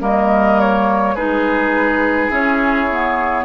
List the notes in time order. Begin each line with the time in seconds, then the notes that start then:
0.00 G3 A#3 A#4 D#5
0.60 C#5
1.15 G#3 D#4 G#4 B4
2.28 C#4 E4 C#5
2.91 B3